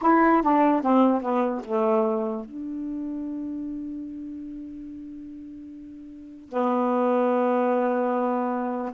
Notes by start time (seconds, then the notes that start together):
0.01 E4
0.42 D4
0.81 C4
1.21 B3
1.64 A3
2.45 D4
6.49 B3